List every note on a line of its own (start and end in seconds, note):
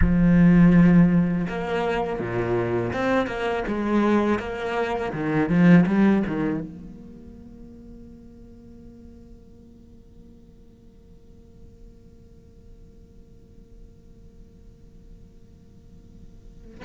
0.01 1.47 F3
1.48 2.19 A#3
2.19 2.92 A#2
2.93 3.26 C4
3.26 3.63 A#3
3.67 4.39 G#3
4.39 5.12 A#3
5.13 5.49 D#3
5.49 5.85 F3
5.86 6.23 G3
6.27 6.60 D#3
6.60 16.85 A#3